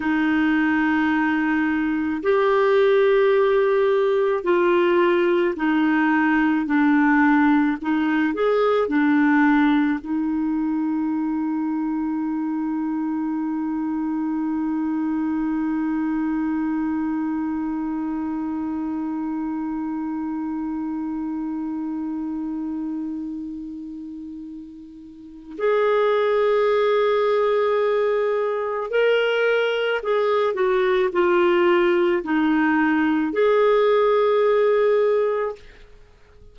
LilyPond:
\new Staff \with { instrumentName = "clarinet" } { \time 4/4 \tempo 4 = 54 dis'2 g'2 | f'4 dis'4 d'4 dis'8 gis'8 | d'4 dis'2.~ | dis'1~ |
dis'1~ | dis'2. gis'4~ | gis'2 ais'4 gis'8 fis'8 | f'4 dis'4 gis'2 | }